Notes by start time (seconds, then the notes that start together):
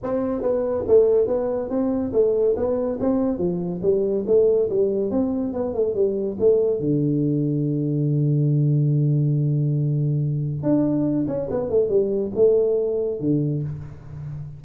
0.03 C4
0.41 B3
0.87 A3
1.27 B3
1.69 C4
2.12 A3
2.56 B3
3.00 C4
3.38 F3
3.82 G3
4.26 A3
4.69 G3
5.10 C4
5.53 B3
5.74 A3
5.94 G3
6.39 A3
6.80 D3
10.62 D4
11.27 C#4
11.50 B3
11.69 A3
11.89 G3
12.35 A3
13.19 D3